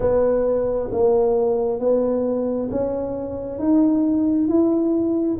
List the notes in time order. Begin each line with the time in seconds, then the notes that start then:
0.00 B3
0.91 A#3
1.79 B3
2.70 C#4
3.58 D#4
4.48 E4